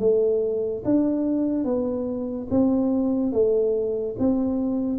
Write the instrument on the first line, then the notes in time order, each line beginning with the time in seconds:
tuba
0.00 A3
0.85 D4
1.65 B3
2.51 C4
3.33 A3
4.19 C4